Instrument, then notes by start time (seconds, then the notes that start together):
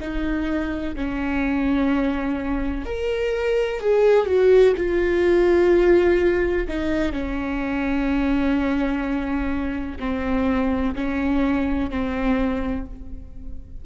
viola
0.00 D#4
0.95 C#4
2.85 A#4
3.80 G#4
4.26 F#4
4.77 F4
6.68 D#4
7.12 C#4
9.99 C4
10.95 C#4
11.90 C4